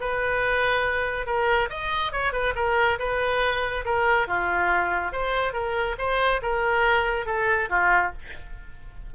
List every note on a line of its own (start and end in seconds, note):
0.00 1.26 B4
1.26 1.69 A#4
1.69 2.12 D#5
2.12 2.32 C#5
2.32 2.54 B4
2.55 2.98 A#4
2.99 3.84 B4
3.85 4.27 A#4
4.27 5.12 F4
5.12 5.52 C5
5.52 5.95 A#4
5.98 6.41 C5
6.42 7.26 A#4
7.26 7.69 A4
7.69 8.12 F4